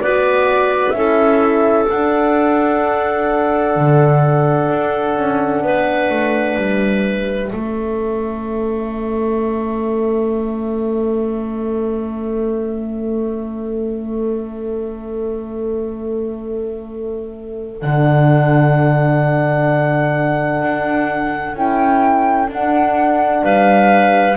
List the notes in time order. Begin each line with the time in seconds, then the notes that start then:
0.00 B3 F#4 B4 D5
0.90 C#4 E4 E5
0.97 A4
1.89 D4 F#5
3.76 D3
4.70 D4
5.16 C#4
5.62 B3 B4
6.10 A3
6.57 G3 E5
7.49 A3 C#4 A4
17.81 D3 D4 F#5
20.63 D4
21.54 C#4 E4 G5
22.48 D4 F#5
23.43 G3 B4 F5